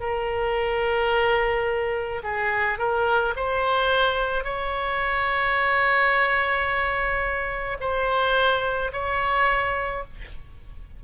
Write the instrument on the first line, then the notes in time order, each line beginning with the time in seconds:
oboe
0.00 A#4
2.23 G#4
2.78 A#4
3.36 C5
4.44 C#5
7.80 C5
8.92 C#5